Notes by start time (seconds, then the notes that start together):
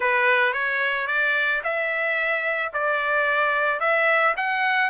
0.00 B4
0.53 C#5
1.07 D5
1.63 E5
2.73 D5
3.79 E5
4.36 F#5